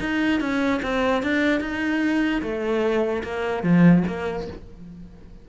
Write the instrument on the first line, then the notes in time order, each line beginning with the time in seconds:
cello
0.00 D#4
0.40 C#4
0.82 C4
1.23 D4
1.61 D#4
2.42 A3
3.24 A#3
3.63 F3
4.07 A#3